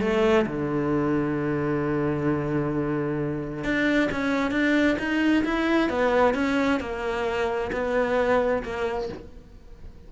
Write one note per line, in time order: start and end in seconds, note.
0.00 0.45 A3
0.46 3.64 D3
3.64 4.09 D4
4.11 4.51 C#4
4.51 4.97 D4
4.99 5.44 D#4
5.44 5.90 E4
5.90 6.34 B3
6.34 6.80 C#4
6.80 7.71 A#3
7.72 8.63 B3
8.63 9.09 A#3